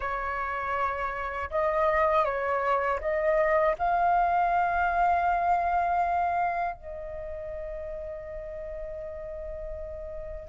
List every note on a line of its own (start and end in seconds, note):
0.00 1.50 C#5
1.50 2.24 D#5
2.24 2.99 C#5
3.00 3.75 D#5
3.78 6.75 F5
6.75 10.48 D#5